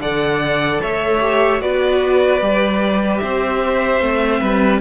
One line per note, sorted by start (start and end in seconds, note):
0.00 0.80 D3
0.00 1.21 A4
0.00 0.82 D5
0.00 0.82 F#5
0.82 1.61 A3
0.82 1.62 C#5
0.82 1.62 E5
1.21 1.60 G4
1.60 2.41 B3
1.60 2.40 F#4
1.60 3.22 B4
1.60 3.18 D5
2.41 3.21 G3
2.41 4.01 G4
3.18 4.01 C4
3.18 4.41 C5
3.18 4.78 E5
4.01 4.41 A3
4.01 4.81 C4
4.41 4.81 G3
4.41 4.81 B4